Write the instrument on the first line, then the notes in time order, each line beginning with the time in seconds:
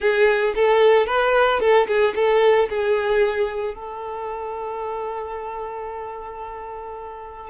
violin
0.00 G#4
0.55 A4
1.06 B4
1.59 A4
1.87 G#4
2.15 A4
2.69 G#4
3.74 A4